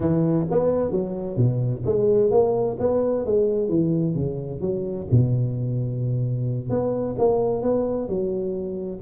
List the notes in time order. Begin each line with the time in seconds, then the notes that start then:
0.00 E3
0.50 B3
0.91 F#3
1.36 B2
1.85 G#3
2.31 A#3
2.79 B3
3.25 G#3
3.68 E3
4.15 C#3
4.60 F#3
5.11 B2
6.69 B3
7.18 A#3
7.62 B3
8.08 F#3